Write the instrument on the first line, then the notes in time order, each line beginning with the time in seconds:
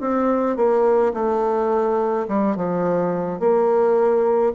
bassoon
0.00 C4
0.56 A#3
1.14 A3
2.28 G3
2.56 F3
3.40 A#3